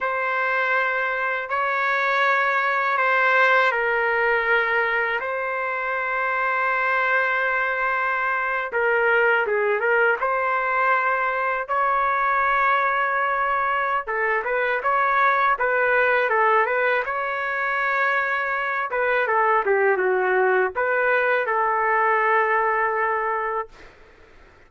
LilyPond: \new Staff \with { instrumentName = "trumpet" } { \time 4/4 \tempo 4 = 81 c''2 cis''2 | c''4 ais'2 c''4~ | c''2.~ c''8. ais'16~ | ais'8. gis'8 ais'8 c''2 cis''16~ |
cis''2. a'8 b'8 | cis''4 b'4 a'8 b'8 cis''4~ | cis''4. b'8 a'8 g'8 fis'4 | b'4 a'2. | }